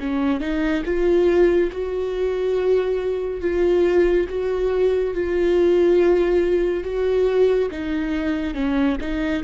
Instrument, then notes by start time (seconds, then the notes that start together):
viola
0.00 C#4
0.41 D#4
0.85 F4
1.72 F#4
3.42 F4
4.29 F#4
5.14 F4
6.84 F#4
7.71 D#4
8.55 C#4
9.01 D#4